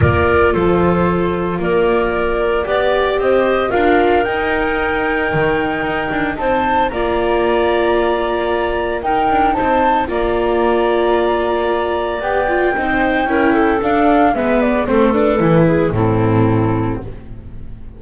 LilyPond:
<<
  \new Staff \with { instrumentName = "flute" } { \time 4/4 \tempo 4 = 113 d''4 c''2 d''4~ | d''2 dis''4 f''4 | g''1 | a''4 ais''2.~ |
ais''4 g''4 a''4 ais''4~ | ais''2. g''4~ | g''2 f''4 e''8 d''8 | c''8 b'4. a'2 | }
  \new Staff \with { instrumentName = "clarinet" } { \time 4/4 ais'4 a'2 ais'4~ | ais'4 d''4 c''4 ais'4~ | ais'1 | c''4 d''2.~ |
d''4 ais'4 c''4 d''4~ | d''1 | c''4 ais'8 a'4. b'4 | a'4. gis'8 e'2 | }
  \new Staff \with { instrumentName = "viola" } { \time 4/4 f'1~ | f'4 g'2 f'4 | dis'1~ | dis'4 f'2.~ |
f'4 dis'2 f'4~ | f'2. g'8 f'8 | dis'4 e'4 d'4 b4 | c'8 d'8 e'4 c'2 | }
  \new Staff \with { instrumentName = "double bass" } { \time 4/4 ais4 f2 ais4~ | ais4 b4 c'4 d'4 | dis'2 dis4 dis'8 d'8 | c'4 ais2.~ |
ais4 dis'8 d'8 c'4 ais4~ | ais2. b4 | c'4 cis'4 d'4 gis4 | a4 e4 a,2 | }
>>